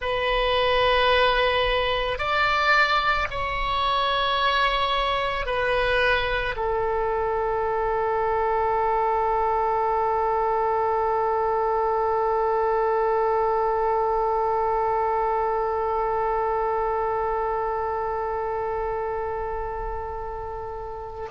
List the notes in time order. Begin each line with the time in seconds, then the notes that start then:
0.00 B4
2.18 D5
3.30 C#5
5.45 B4
6.56 A4